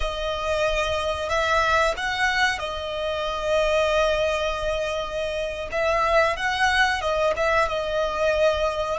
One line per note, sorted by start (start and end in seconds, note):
0.00 1.29 D#5
1.29 1.94 E5
1.97 2.58 F#5
2.58 5.68 D#5
5.71 6.36 E5
6.36 7.01 F#5
7.01 7.33 D#5
7.36 7.68 E5
7.68 8.98 D#5